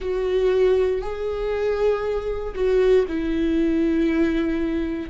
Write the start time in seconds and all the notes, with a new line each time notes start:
0.00 F#4
1.01 G#4
2.54 F#4
3.07 E4